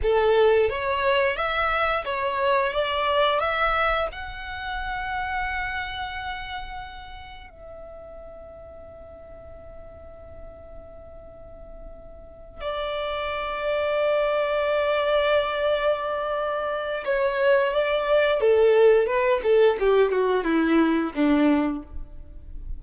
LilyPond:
\new Staff \with { instrumentName = "violin" } { \time 4/4 \tempo 4 = 88 a'4 cis''4 e''4 cis''4 | d''4 e''4 fis''2~ | fis''2. e''4~ | e''1~ |
e''2~ e''8 d''4.~ | d''1~ | d''4 cis''4 d''4 a'4 | b'8 a'8 g'8 fis'8 e'4 d'4 | }